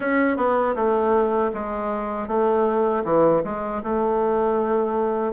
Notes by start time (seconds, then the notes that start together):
0.00 C#4
0.36 B3
0.75 A3
1.53 G#3
2.28 A3
3.04 E3
3.44 G#3
3.83 A3